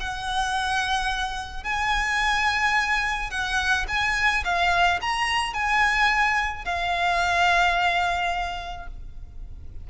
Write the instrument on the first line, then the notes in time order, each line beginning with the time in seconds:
violin
0.00 F#5
1.64 G#5
3.30 F#5
3.88 G#5
4.44 F5
5.01 A#5
5.54 G#5
6.65 F5